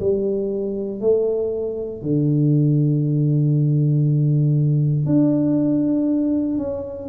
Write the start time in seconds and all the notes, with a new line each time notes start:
0.00 G3
1.00 A3
2.02 D3
5.06 D4
6.58 C#4